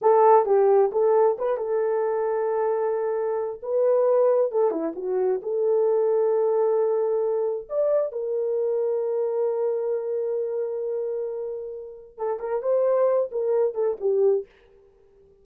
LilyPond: \new Staff \with { instrumentName = "horn" } { \time 4/4 \tempo 4 = 133 a'4 g'4 a'4 b'8 a'8~ | a'1 | b'2 a'8 e'8 fis'4 | a'1~ |
a'4 d''4 ais'2~ | ais'1~ | ais'2. a'8 ais'8 | c''4. ais'4 a'8 g'4 | }